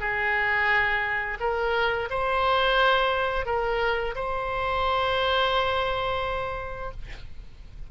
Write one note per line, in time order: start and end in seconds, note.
0.00 1.38 G#4
1.40 2.09 A#4
2.10 3.46 C5
3.46 4.15 A#4
4.16 6.92 C5